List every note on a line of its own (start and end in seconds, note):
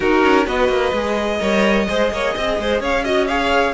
0.00 0.23 D#4
0.00 0.45 D#4
0.00 0.45 F#4
0.00 0.47 A#4
0.23 0.46 C#4
0.45 0.68 B3
0.45 0.92 F#4
0.45 1.39 B4
0.45 2.82 D#5
0.68 0.92 A#3
0.92 1.39 G#3
0.92 1.40 G#4
1.40 1.88 G3
1.40 1.86 A#4
1.40 1.87 C#5
1.88 2.11 G#3
1.88 3.05 G#4
1.88 2.12 C5
2.11 2.35 A#3
2.11 2.34 C#5
2.34 2.58 C4
2.34 2.58 D#5
2.58 2.80 G#3
2.58 2.81 C5
2.80 3.73 C#4
2.80 3.04 C#5
2.80 3.05 F5
3.04 3.28 F#4
3.04 3.27 D#5
3.27 3.74 G#4
3.27 3.74 C#5
3.27 3.74 F5